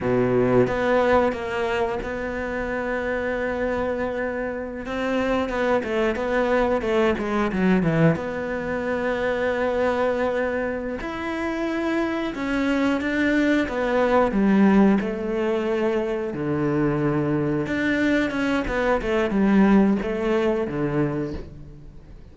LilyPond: \new Staff \with { instrumentName = "cello" } { \time 4/4 \tempo 4 = 90 b,4 b4 ais4 b4~ | b2.~ b16 c'8.~ | c'16 b8 a8 b4 a8 gis8 fis8 e16~ | e16 b2.~ b8.~ |
b8 e'2 cis'4 d'8~ | d'8 b4 g4 a4.~ | a8 d2 d'4 cis'8 | b8 a8 g4 a4 d4 | }